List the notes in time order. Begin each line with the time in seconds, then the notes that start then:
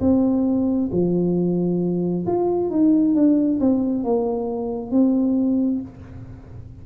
0.00 C4
0.92 F3
2.26 F4
2.70 D#4
3.14 D4
3.60 C4
4.04 A#3
4.91 C4